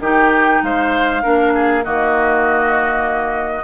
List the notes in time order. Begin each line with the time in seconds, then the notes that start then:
0.00 D#3 D#4 G4 G5
0.63 G#3 C5 F5
1.23 A#3 D4 A#4
1.55 G#4
1.84 D#3 A#3 F#4 D#5